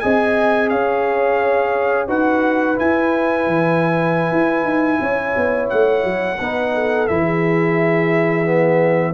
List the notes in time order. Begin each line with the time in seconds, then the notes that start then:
0.00 C4 G#4 D#5 G#5
0.70 C#4 C#5 F5
2.07 D#4 F#4 B4 F#5
2.76 E4 G#5
3.47 E3
4.32 E4
4.64 D#4
5.01 C#4 C#5
5.37 B3
5.70 A3 F#5
6.04 F#3
6.39 B3 D#4 B4
6.75 A4
7.08 E3 E4 E5
7.24 G#4
8.45 B3